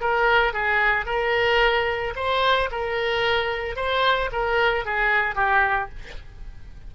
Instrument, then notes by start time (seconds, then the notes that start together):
oboe
0.00 A#4
0.53 G#4
1.05 A#4
2.15 C5
2.71 A#4
3.76 C5
4.32 A#4
4.85 G#4
5.35 G4